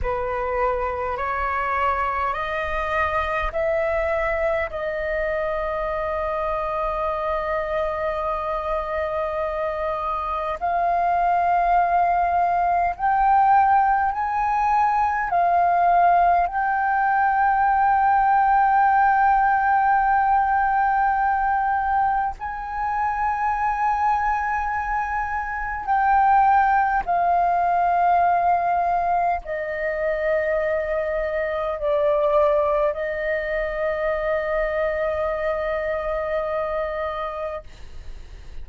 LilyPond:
\new Staff \with { instrumentName = "flute" } { \time 4/4 \tempo 4 = 51 b'4 cis''4 dis''4 e''4 | dis''1~ | dis''4 f''2 g''4 | gis''4 f''4 g''2~ |
g''2. gis''4~ | gis''2 g''4 f''4~ | f''4 dis''2 d''4 | dis''1 | }